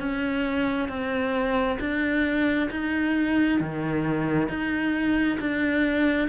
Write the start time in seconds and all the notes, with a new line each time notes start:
0.00 C#4
0.89 C4
1.80 D4
2.71 D#4
3.61 D#3
4.49 D#4
5.41 D4